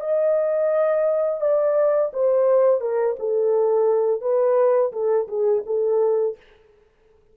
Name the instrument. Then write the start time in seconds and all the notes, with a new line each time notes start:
horn
0.00 D#5
1.41 D5
2.13 C5
2.80 A#4
3.19 A4
4.21 B4
4.92 A4
5.27 G#4
5.66 A4